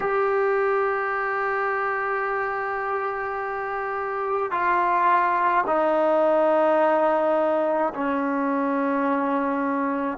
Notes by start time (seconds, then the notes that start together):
0.00 G4
4.51 F4
5.67 D#4
7.94 C#4